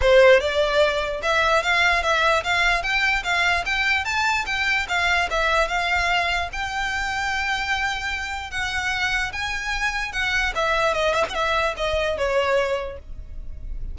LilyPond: \new Staff \with { instrumentName = "violin" } { \time 4/4 \tempo 4 = 148 c''4 d''2 e''4 | f''4 e''4 f''4 g''4 | f''4 g''4 a''4 g''4 | f''4 e''4 f''2 |
g''1~ | g''4 fis''2 gis''4~ | gis''4 fis''4 e''4 dis''8 e''16 fis''16 | e''4 dis''4 cis''2 | }